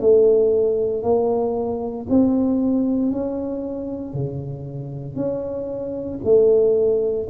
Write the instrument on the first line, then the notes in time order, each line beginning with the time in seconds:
tuba
0.00 A3
1.03 A#3
2.09 C4
3.12 C#4
4.13 C#3
5.15 C#4
6.24 A3